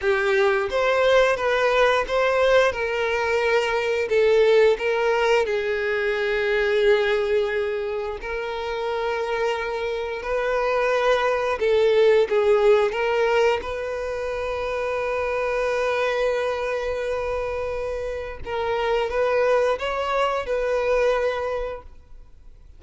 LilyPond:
\new Staff \with { instrumentName = "violin" } { \time 4/4 \tempo 4 = 88 g'4 c''4 b'4 c''4 | ais'2 a'4 ais'4 | gis'1 | ais'2. b'4~ |
b'4 a'4 gis'4 ais'4 | b'1~ | b'2. ais'4 | b'4 cis''4 b'2 | }